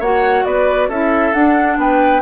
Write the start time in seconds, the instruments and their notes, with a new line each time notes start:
0.00 bassoon A#3, clarinet F#4, oboe C#5, flute F#5
0.45 bassoon B3, oboe B4, flute D5
0.89 bassoon C#4, clarinet E4, oboe A4, flute E5
1.34 clarinet D4, bassoon D4, flute F#5
1.78 bassoon B3, oboe B4, flute G5